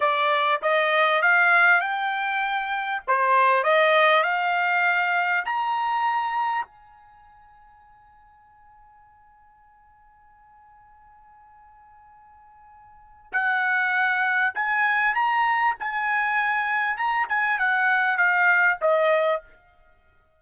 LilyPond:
\new Staff \with { instrumentName = "trumpet" } { \time 4/4 \tempo 4 = 99 d''4 dis''4 f''4 g''4~ | g''4 c''4 dis''4 f''4~ | f''4 ais''2 gis''4~ | gis''1~ |
gis''1~ | gis''2 fis''2 | gis''4 ais''4 gis''2 | ais''8 gis''8 fis''4 f''4 dis''4 | }